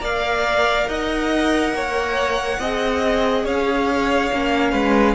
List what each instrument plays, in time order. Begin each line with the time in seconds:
0.00 cello A#3, viola A#4, violin D5 F5
0.87 cello D#4, violin D#5 F#5
1.72 cello A#3, violin C#5
2.59 cello C4, viola G#4, violin D#5
3.44 cello C#4, violin C#5 F5
4.32 cello A#3, viola C#4
4.71 cello G#3, violin B4